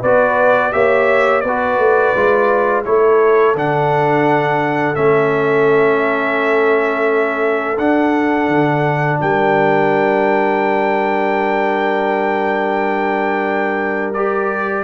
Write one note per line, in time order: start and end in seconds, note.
0.00 0.74 B3
0.00 0.72 F#4
0.00 0.71 B4
0.00 0.73 D5
0.72 1.45 A#3
0.72 1.43 G4
0.72 1.44 C#5
0.72 1.41 E5
1.41 1.78 B3
1.41 2.85 B4
1.41 2.82 D5
1.48 2.16 F#4
1.78 2.14 A3
2.15 2.85 G#3
2.15 2.85 F4
2.85 3.55 A3
2.85 3.56 E4
2.85 9.21 A4
2.85 3.56 C#5
3.55 4.96 D3
3.55 4.95 D4
3.55 4.96 F#5
4.95 7.78 A3
4.95 7.77 C#4
4.95 7.78 E5
7.78 8.49 D4
7.78 14.15 D4
7.78 9.20 F#5
8.49 9.19 D3
9.21 14.85 G3
9.21 14.85 A#4
9.21 14.14 G5
14.14 14.85 G4
14.14 14.84 D5